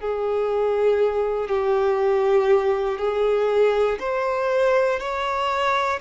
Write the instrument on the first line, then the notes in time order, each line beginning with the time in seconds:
violin
0.00 G#4
1.49 G4
2.98 G#4
3.99 C5
5.00 C#5